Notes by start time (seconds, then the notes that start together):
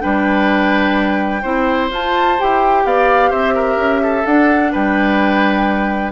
0.00 G3 D4 B4 G5
1.42 C4 E4 C5
1.91 F4 A5
2.38 E4 G4 G5
2.85 B3 D5 F5
3.30 C4 C5 E5
3.54 A#4
3.76 C#4
4.03 A4
4.26 D4 F#5
4.72 G3 B4 G5